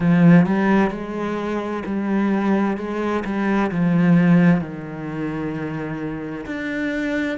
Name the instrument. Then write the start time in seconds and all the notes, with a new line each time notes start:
cello
0.00 F3
0.46 G3
0.90 G#3
1.85 G3
2.77 G#3
3.24 G3
3.71 F3
4.61 D#3
6.46 D4